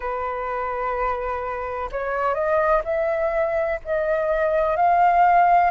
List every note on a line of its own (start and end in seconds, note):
0.00 1.89 B4
1.91 2.34 C#5
2.34 2.81 D#5
2.84 3.79 E5
3.84 4.76 D#5
4.76 5.70 F5